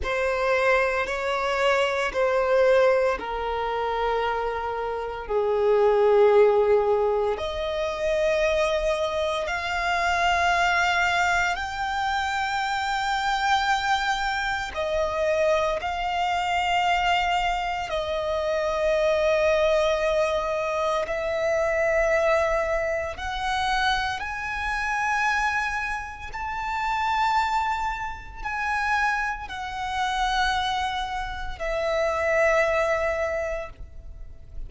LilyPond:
\new Staff \with { instrumentName = "violin" } { \time 4/4 \tempo 4 = 57 c''4 cis''4 c''4 ais'4~ | ais'4 gis'2 dis''4~ | dis''4 f''2 g''4~ | g''2 dis''4 f''4~ |
f''4 dis''2. | e''2 fis''4 gis''4~ | gis''4 a''2 gis''4 | fis''2 e''2 | }